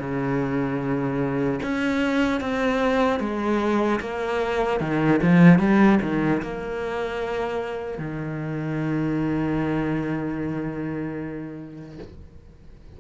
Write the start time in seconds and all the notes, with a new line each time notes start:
0.00 C#3
1.63 C#4
2.41 C4
3.20 G#3
4.00 A#3
4.80 D#3
5.22 F3
5.59 G3
6.02 D#3
6.42 A#3
7.99 D#3